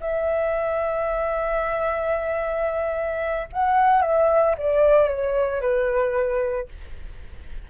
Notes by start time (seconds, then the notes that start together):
0.00 E5
3.53 F#5
4.02 E5
4.58 D5
5.09 C#5
5.61 B4